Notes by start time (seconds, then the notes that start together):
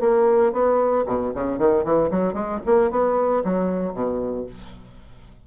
0.00 A#3
0.52 B3
1.06 B2
1.34 C#3
1.58 D#3
1.84 E3
2.10 F#3
2.33 G#3
2.66 A#3
2.90 B3
3.44 F#3
3.93 B2